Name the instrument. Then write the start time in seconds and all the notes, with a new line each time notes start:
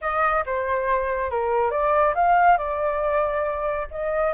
flute
0.01 D#5
0.46 C5
1.30 A#4
1.71 D5
2.14 F5
2.57 D5
3.90 D#5